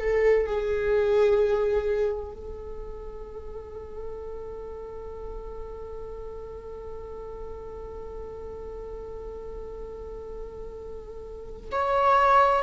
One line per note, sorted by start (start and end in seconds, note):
0.00 0.47 A4
0.47 2.33 G#4
2.33 11.71 A4
11.72 12.63 C#5